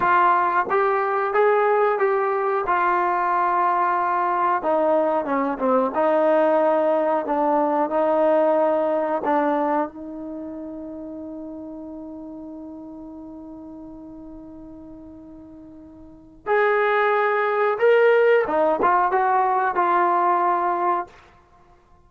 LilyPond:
\new Staff \with { instrumentName = "trombone" } { \time 4/4 \tempo 4 = 91 f'4 g'4 gis'4 g'4 | f'2. dis'4 | cis'8 c'8 dis'2 d'4 | dis'2 d'4 dis'4~ |
dis'1~ | dis'1~ | dis'4 gis'2 ais'4 | dis'8 f'8 fis'4 f'2 | }